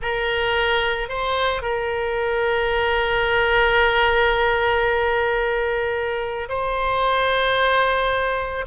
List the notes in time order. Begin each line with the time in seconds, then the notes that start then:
0.01 A#4
1.09 C5
1.62 A#4
6.48 C5